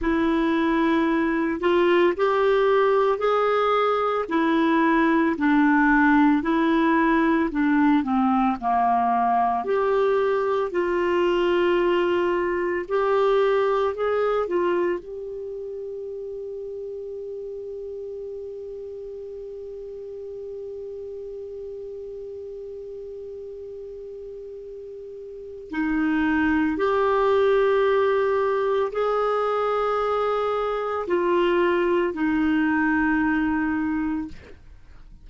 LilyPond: \new Staff \with { instrumentName = "clarinet" } { \time 4/4 \tempo 4 = 56 e'4. f'8 g'4 gis'4 | e'4 d'4 e'4 d'8 c'8 | ais4 g'4 f'2 | g'4 gis'8 f'8 g'2~ |
g'1~ | g'1 | dis'4 g'2 gis'4~ | gis'4 f'4 dis'2 | }